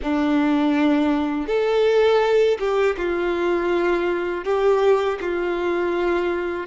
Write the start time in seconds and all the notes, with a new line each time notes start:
0.02 D4
1.46 A4
2.59 G4
2.97 F4
4.44 G4
5.20 F4